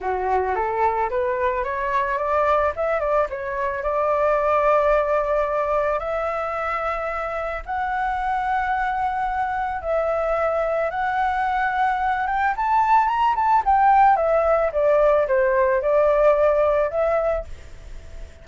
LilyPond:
\new Staff \with { instrumentName = "flute" } { \time 4/4 \tempo 4 = 110 fis'4 a'4 b'4 cis''4 | d''4 e''8 d''8 cis''4 d''4~ | d''2. e''4~ | e''2 fis''2~ |
fis''2 e''2 | fis''2~ fis''8 g''8 a''4 | ais''8 a''8 g''4 e''4 d''4 | c''4 d''2 e''4 | }